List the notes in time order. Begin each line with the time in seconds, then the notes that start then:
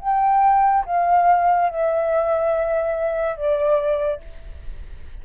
0.00 G5
0.86 F5
1.69 E5
3.36 D5